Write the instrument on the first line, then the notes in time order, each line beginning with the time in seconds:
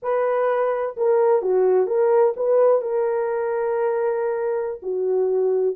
horn
0.02 B4
0.97 A#4
1.41 F#4
1.86 A#4
2.36 B4
2.81 A#4
4.82 F#4